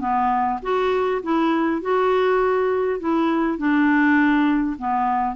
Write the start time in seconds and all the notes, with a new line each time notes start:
0.00 B3
0.62 F#4
1.23 E4
1.81 F#4
2.99 E4
3.58 D4
4.78 B3